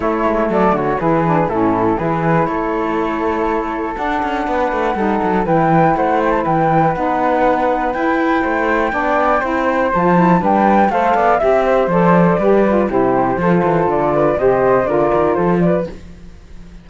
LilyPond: <<
  \new Staff \with { instrumentName = "flute" } { \time 4/4 \tempo 4 = 121 cis''4 d''8 cis''8 b'4 a'4 | b'4 cis''2. | fis''2. g''4 | fis''8 g''16 a''16 g''4 fis''2 |
g''1 | a''4 g''4 f''4 e''4 | d''2 c''2 | d''4 dis''4 d''4 c''8 d''8 | }
  \new Staff \with { instrumentName = "flute" } { \time 4/4 e'4 a'8 fis'8 gis'4 e'4 | gis'4 a'2.~ | a'4 b'4 a'4 b'4 | c''4 b'2.~ |
b'4 c''4 d''4 c''4~ | c''4 b'4 c''8 d''8 e''8 c''8~ | c''4 b'4 g'4 a'4~ | a'8 b'8 c''4 ais'4 a'8 b'8 | }
  \new Staff \with { instrumentName = "saxophone" } { \time 4/4 a2 e'8 d'8 cis'4 | e'1 | d'2 dis'4 e'4~ | e'2 dis'2 |
e'2 d'4 e'4 | f'8 e'8 d'4 a'4 g'4 | a'4 g'8 f'8 e'4 f'4~ | f'4 g'4 f'2 | }
  \new Staff \with { instrumentName = "cello" } { \time 4/4 a8 gis8 fis8 d8 e4 a,4 | e4 a2. | d'8 cis'8 b8 a8 g8 fis8 e4 | a4 e4 b2 |
e'4 a4 b4 c'4 | f4 g4 a8 b8 c'4 | f4 g4 c4 f8 e8 | d4 c4 d8 dis8 f4 | }
>>